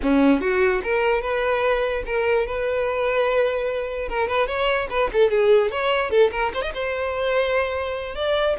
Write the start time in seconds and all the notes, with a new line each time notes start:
0.02 C#4
0.41 F#4
0.83 A#4
1.21 B4
2.06 A#4
2.46 B4
4.09 A#4
4.28 B4
4.47 C#5
4.90 B4
5.12 A4
5.30 G#4
5.71 C#5
6.10 A4
6.31 A#4
6.54 C5
6.62 D#5
6.74 C5
8.15 D5